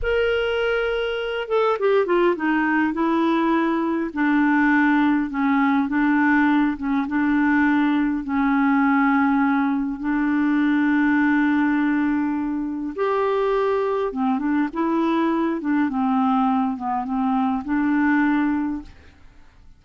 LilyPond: \new Staff \with { instrumentName = "clarinet" } { \time 4/4 \tempo 4 = 102 ais'2~ ais'8 a'8 g'8 f'8 | dis'4 e'2 d'4~ | d'4 cis'4 d'4. cis'8 | d'2 cis'2~ |
cis'4 d'2.~ | d'2 g'2 | c'8 d'8 e'4. d'8 c'4~ | c'8 b8 c'4 d'2 | }